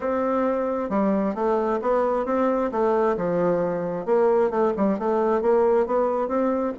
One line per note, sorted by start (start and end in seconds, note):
0.00 0.89 C4
0.89 1.34 G3
1.34 1.79 A3
1.81 2.25 B3
2.25 2.70 C4
2.71 3.16 A3
3.16 4.05 F3
4.05 4.50 A#3
4.50 4.72 A3
4.76 4.98 G3
4.98 5.41 A3
5.41 5.86 A#3
5.86 6.27 B3
6.27 6.73 C4